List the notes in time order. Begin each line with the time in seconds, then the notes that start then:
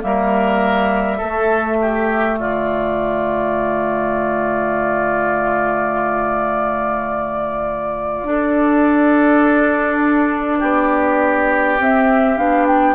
0.00 G3 A#3 A#4 E5
1.18 A3 A4
1.24 A3
1.81 G4
2.37 D3 F4 D5
8.24 D4 A4
10.59 B3 G4
11.79 C4 E5
12.37 B3 D4 F5
12.67 G5